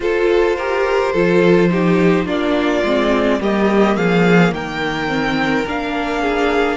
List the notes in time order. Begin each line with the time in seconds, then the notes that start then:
0.00 F4 A4 C5
0.56 G4 A#4
1.12 F3 F4 A4
1.70 D#4 G4
2.25 A#3 D4 F4 D5
2.83 G#3 C4
3.40 G3 A#3 G4 D#5
3.96 F3 G#4 F5
4.51 D#3 A#4 G5
5.07 C4
5.65 A#3 D4 F5
6.21 G#4